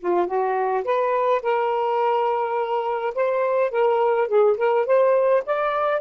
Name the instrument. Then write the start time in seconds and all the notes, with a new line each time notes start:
saxophone
0.00 F4
0.27 F#4
0.84 B4
1.43 A#4
3.15 C5
3.71 A#4
4.28 G#4
4.57 A#4
4.86 C5
5.46 D5